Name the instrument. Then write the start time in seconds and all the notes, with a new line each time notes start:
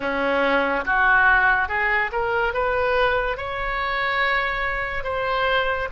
oboe
0.00 C#4
0.85 F#4
1.68 G#4
2.11 A#4
2.53 B4
3.37 C#5
5.03 C5